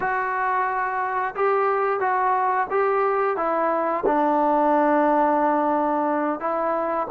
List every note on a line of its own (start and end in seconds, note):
0.00 1.35 F#4
1.35 1.99 G4
1.99 2.67 F#4
2.70 3.36 G4
3.36 4.04 E4
4.06 6.40 D4
6.40 7.07 E4